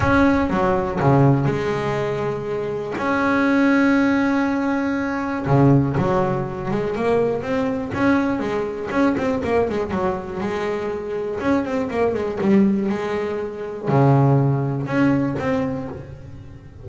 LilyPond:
\new Staff \with { instrumentName = "double bass" } { \time 4/4 \tempo 4 = 121 cis'4 fis4 cis4 gis4~ | gis2 cis'2~ | cis'2. cis4 | fis4. gis8 ais4 c'4 |
cis'4 gis4 cis'8 c'8 ais8 gis8 | fis4 gis2 cis'8 c'8 | ais8 gis8 g4 gis2 | cis2 cis'4 c'4 | }